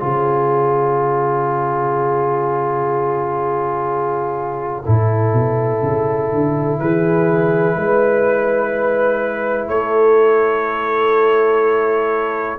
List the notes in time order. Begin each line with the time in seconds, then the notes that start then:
0.00 C#3 F4 G#4 C#5
4.85 A2 E4 A4
5.33 B2
5.83 C#3
6.31 D3
6.80 E3 G#4 B4
7.76 G#3 B4
9.69 A3 A4 C#5